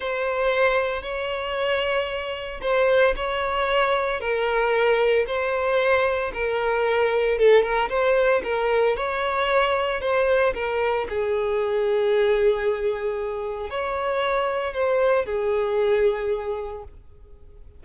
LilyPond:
\new Staff \with { instrumentName = "violin" } { \time 4/4 \tempo 4 = 114 c''2 cis''2~ | cis''4 c''4 cis''2 | ais'2 c''2 | ais'2 a'8 ais'8 c''4 |
ais'4 cis''2 c''4 | ais'4 gis'2.~ | gis'2 cis''2 | c''4 gis'2. | }